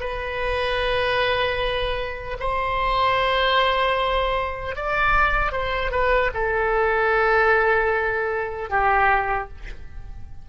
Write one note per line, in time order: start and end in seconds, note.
0.00 2.37 B4
2.39 4.75 C5
4.75 5.52 D5
5.52 5.91 C5
5.91 6.31 B4
6.34 8.69 A4
8.69 9.48 G4